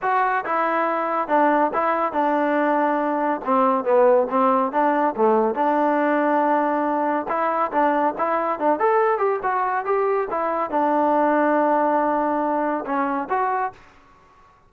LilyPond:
\new Staff \with { instrumentName = "trombone" } { \time 4/4 \tempo 4 = 140 fis'4 e'2 d'4 | e'4 d'2. | c'4 b4 c'4 d'4 | a4 d'2.~ |
d'4 e'4 d'4 e'4 | d'8 a'4 g'8 fis'4 g'4 | e'4 d'2.~ | d'2 cis'4 fis'4 | }